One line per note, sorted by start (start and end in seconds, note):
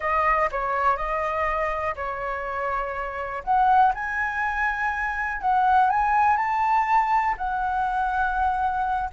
0.00 0.49 D#5
0.51 0.96 C#5
0.96 1.94 D#5
1.95 3.43 C#5
3.44 3.93 F#5
3.94 5.41 G#5
5.41 5.90 F#5
5.90 6.36 G#5
6.36 7.35 A5
7.37 9.10 F#5